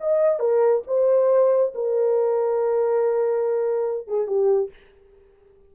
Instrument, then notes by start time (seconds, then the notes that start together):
horn
0.00 D#5
0.40 A#4
0.87 C5
1.75 A#4
4.07 G#4
4.27 G4